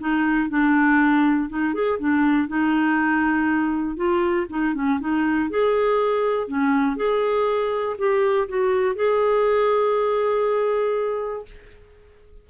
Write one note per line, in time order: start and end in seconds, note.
0.00 0.49 D#4
0.49 1.49 D4
1.49 1.74 D#4
1.74 1.99 G#4
1.99 2.48 D4
2.48 3.96 D#4
3.96 4.46 F4
4.50 4.75 D#4
4.75 5.00 C#4
5.00 5.50 D#4
5.50 6.48 G#4
6.48 6.96 C#4
6.96 7.96 G#4
7.98 8.48 G4
8.48 8.96 F#4
8.96 11.46 G#4